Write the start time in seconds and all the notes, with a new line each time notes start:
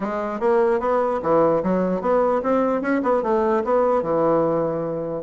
0.00 G#3
0.40 A#3
0.80 B3
1.22 E3
1.63 F#3
2.01 B3
2.42 C4
2.81 C#4
3.03 B3
3.23 A3
3.64 B3
4.02 E3